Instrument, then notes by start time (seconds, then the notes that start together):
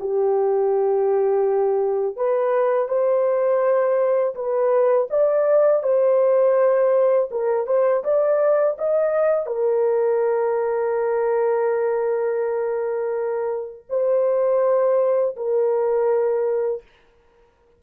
horn
0.00 G4
2.17 B4
2.88 C5
4.35 B4
5.10 D5
5.83 C5
7.31 A#4
7.67 C5
8.04 D5
8.78 D#5
9.46 A#4
13.90 C5
15.37 A#4